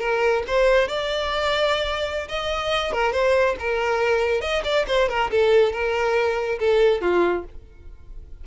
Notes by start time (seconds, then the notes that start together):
0.00 A#4
0.47 C5
0.88 D5
2.28 D#5
2.92 A#4
3.12 C5
3.59 A#4
4.41 D#5
4.64 D5
4.87 C5
5.09 A#4
5.31 A4
5.72 A#4
6.59 A4
7.01 F4